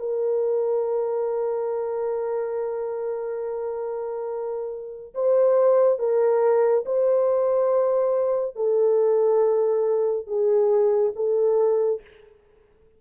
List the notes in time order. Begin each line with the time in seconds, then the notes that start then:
0.00 A#4
5.15 C5
5.99 A#4
6.86 C5
8.56 A4
10.27 G#4
11.16 A4